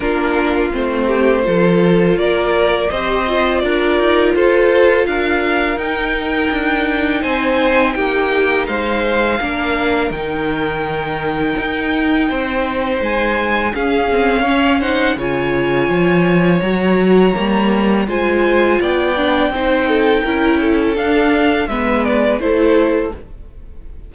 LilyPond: <<
  \new Staff \with { instrumentName = "violin" } { \time 4/4 \tempo 4 = 83 ais'4 c''2 d''4 | dis''4 d''4 c''4 f''4 | g''2 gis''4 g''4 | f''2 g''2~ |
g''2 gis''4 f''4~ | f''8 fis''8 gis''2 ais''4~ | ais''4 gis''4 g''2~ | g''4 f''4 e''8 d''8 c''4 | }
  \new Staff \with { instrumentName = "violin" } { \time 4/4 f'4. g'8 a'4 ais'4 | c''4 ais'4 a'4 ais'4~ | ais'2 c''4 g'4 | c''4 ais'2.~ |
ais'4 c''2 gis'4 | cis''8 c''8 cis''2.~ | cis''4 c''4 d''4 c''8 a'8 | ais'8 a'4. b'4 a'4 | }
  \new Staff \with { instrumentName = "viola" } { \time 4/4 d'4 c'4 f'2 | g'8 f'2.~ f'8 | dis'1~ | dis'4 d'4 dis'2~ |
dis'2. cis'8 c'8 | cis'8 dis'8 f'2 fis'4 | ais4 f'4. d'8 dis'4 | e'4 d'4 b4 e'4 | }
  \new Staff \with { instrumentName = "cello" } { \time 4/4 ais4 a4 f4 ais4 | c'4 d'8 dis'8 f'4 d'4 | dis'4 d'4 c'4 ais4 | gis4 ais4 dis2 |
dis'4 c'4 gis4 cis'4~ | cis'4 cis4 f4 fis4 | g4 gis4 b4 c'4 | cis'4 d'4 gis4 a4 | }
>>